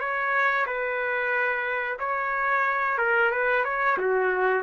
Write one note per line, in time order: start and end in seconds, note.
0.00 0.66 C#5
0.67 1.98 B4
1.99 2.98 C#5
2.98 3.31 A#4
3.31 3.64 B4
3.64 3.97 C#5
3.98 4.63 F#4